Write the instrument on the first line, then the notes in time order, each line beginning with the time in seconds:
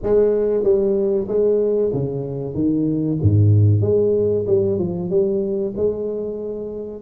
tuba
0.03 G#3
0.63 G3
1.28 G#3
1.93 C#3
2.54 D#3
3.21 G#2
3.81 G#3
4.47 G3
4.78 F3
5.09 G3
5.76 G#3